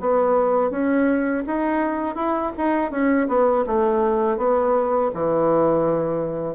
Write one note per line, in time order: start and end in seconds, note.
0.00 0.70 B3
0.70 1.43 C#4
1.47 2.15 D#4
2.15 2.52 E4
2.57 2.91 D#4
2.91 3.27 C#4
3.28 3.64 B3
3.67 4.37 A3
4.37 5.10 B3
5.14 6.55 E3